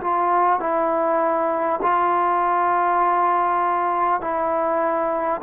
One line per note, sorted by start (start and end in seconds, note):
0.00 0.59 F4
0.59 1.79 E4
1.82 4.21 F4
4.21 5.41 E4